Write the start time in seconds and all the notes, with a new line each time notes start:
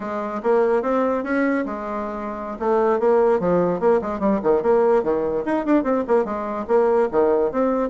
0.00 G#3
0.43 A#3
0.82 C4
1.23 C#4
1.65 G#3
2.59 A3
2.99 A#3
3.39 F3
3.80 A#3
4.01 G#3
4.19 G3
4.42 D#3
4.62 A#3
5.03 D#3
5.45 D#4
5.65 D4
5.83 C4
6.07 A#3
6.24 G#3
6.67 A#3
7.11 D#3
7.51 C4